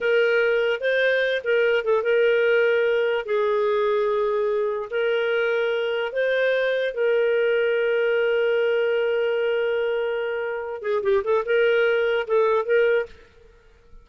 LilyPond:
\new Staff \with { instrumentName = "clarinet" } { \time 4/4 \tempo 4 = 147 ais'2 c''4. ais'8~ | ais'8 a'8 ais'2. | gis'1 | ais'2. c''4~ |
c''4 ais'2.~ | ais'1~ | ais'2~ ais'8 gis'8 g'8 a'8 | ais'2 a'4 ais'4 | }